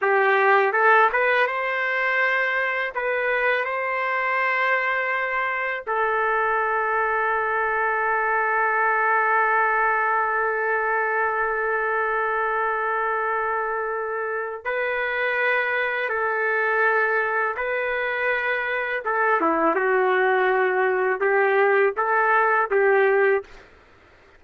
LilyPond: \new Staff \with { instrumentName = "trumpet" } { \time 4/4 \tempo 4 = 82 g'4 a'8 b'8 c''2 | b'4 c''2. | a'1~ | a'1~ |
a'1 | b'2 a'2 | b'2 a'8 e'8 fis'4~ | fis'4 g'4 a'4 g'4 | }